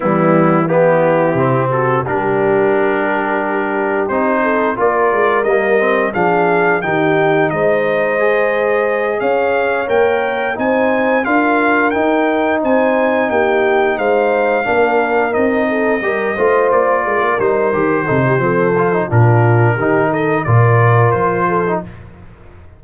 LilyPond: <<
  \new Staff \with { instrumentName = "trumpet" } { \time 4/4 \tempo 4 = 88 e'4 g'4. a'8 ais'4~ | ais'2 c''4 d''4 | dis''4 f''4 g''4 dis''4~ | dis''4. f''4 g''4 gis''8~ |
gis''8 f''4 g''4 gis''4 g''8~ | g''8 f''2 dis''4.~ | dis''8 d''4 c''2~ c''8 | ais'4. dis''8 d''4 c''4 | }
  \new Staff \with { instrumentName = "horn" } { \time 4/4 b4 e'4. fis'8 g'4~ | g'2~ g'8 a'8 ais'4~ | ais'4 gis'4 g'4 c''4~ | c''4. cis''2 c''8~ |
c''8 ais'2 c''4 g'8~ | g'8 c''4 ais'4. a'8 ais'8 | c''4 ais'4. a'16 g'16 a'4 | f'4 g'8 a'8 ais'4. a'8 | }
  \new Staff \with { instrumentName = "trombone" } { \time 4/4 g4 b4 c'4 d'4~ | d'2 dis'4 f'4 | ais8 c'8 d'4 dis'2 | gis'2~ gis'8 ais'4 dis'8~ |
dis'8 f'4 dis'2~ dis'8~ | dis'4. d'4 dis'4 g'8 | f'4. dis'8 g'8 dis'8 c'8 f'16 dis'16 | d'4 dis'4 f'4.~ f'16 dis'16 | }
  \new Staff \with { instrumentName = "tuba" } { \time 4/4 e2 c4 g4~ | g2 c'4 ais8 gis8 | g4 f4 dis4 gis4~ | gis4. cis'4 ais4 c'8~ |
c'8 d'4 dis'4 c'4 ais8~ | ais8 gis4 ais4 c'4 g8 | a8 ais8 gis16 ais16 g8 dis8 c8 f4 | ais,4 dis4 ais,4 f4 | }
>>